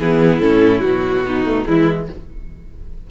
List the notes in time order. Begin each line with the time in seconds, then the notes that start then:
0.00 E3 B3 E4 G#4
0.40 A2 C#4 A4
0.81 B2 F#3 F#4
1.26 B3 D#4
1.46 A3
1.66 E3 G#3 E4